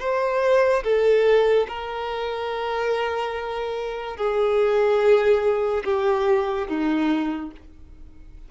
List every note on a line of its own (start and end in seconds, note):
0.00 0.83 C5
0.84 1.67 A4
1.68 4.17 A#4
4.17 5.84 G#4
5.84 6.68 G4
6.68 7.52 D#4